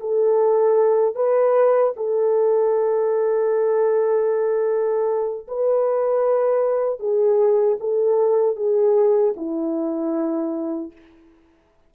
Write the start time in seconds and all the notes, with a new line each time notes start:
0.00 A4
1.15 B4
1.97 A4
5.48 B4
7.00 G#4
7.80 A4
8.56 G#4
9.36 E4